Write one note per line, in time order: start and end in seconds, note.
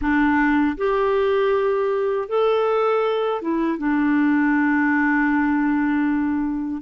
0.01 0.77 D4
0.77 2.28 G4
2.28 3.41 A4
3.41 3.78 E4
3.78 6.81 D4